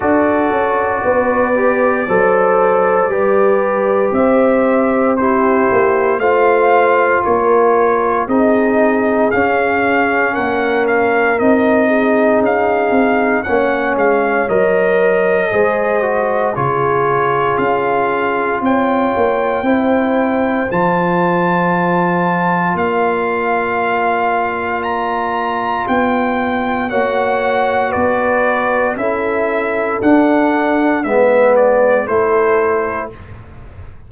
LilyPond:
<<
  \new Staff \with { instrumentName = "trumpet" } { \time 4/4 \tempo 4 = 58 d''1 | e''4 c''4 f''4 cis''4 | dis''4 f''4 fis''8 f''8 dis''4 | f''4 fis''8 f''8 dis''2 |
cis''4 f''4 g''2 | a''2 f''2 | ais''4 g''4 fis''4 d''4 | e''4 fis''4 e''8 d''8 c''4 | }
  \new Staff \with { instrumentName = "horn" } { \time 4/4 a'4 b'4 c''4 b'4 | c''4 g'4 c''4 ais'4 | gis'2 ais'4. gis'8~ | gis'4 cis''2 c''4 |
gis'2 cis''4 c''4~ | c''2 d''2~ | d''2 cis''4 b'4 | a'2 b'4 a'4 | }
  \new Staff \with { instrumentName = "trombone" } { \time 4/4 fis'4. g'8 a'4 g'4~ | g'4 e'4 f'2 | dis'4 cis'2 dis'4~ | dis'4 cis'4 ais'4 gis'8 fis'8 |
f'2. e'4 | f'1~ | f'2 fis'2 | e'4 d'4 b4 e'4 | }
  \new Staff \with { instrumentName = "tuba" } { \time 4/4 d'8 cis'8 b4 fis4 g4 | c'4. ais8 a4 ais4 | c'4 cis'4 ais4 c'4 | cis'8 c'8 ais8 gis8 fis4 gis4 |
cis4 cis'4 c'8 ais8 c'4 | f2 ais2~ | ais4 b4 ais4 b4 | cis'4 d'4 gis4 a4 | }
>>